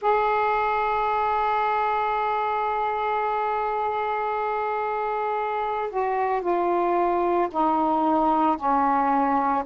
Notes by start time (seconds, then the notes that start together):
0.01 G#4
5.89 F#4
6.41 F4
7.51 D#4
8.56 C#4